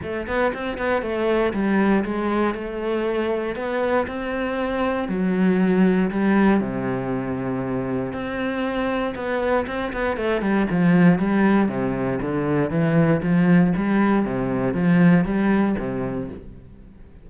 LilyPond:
\new Staff \with { instrumentName = "cello" } { \time 4/4 \tempo 4 = 118 a8 b8 c'8 b8 a4 g4 | gis4 a2 b4 | c'2 fis2 | g4 c2. |
c'2 b4 c'8 b8 | a8 g8 f4 g4 c4 | d4 e4 f4 g4 | c4 f4 g4 c4 | }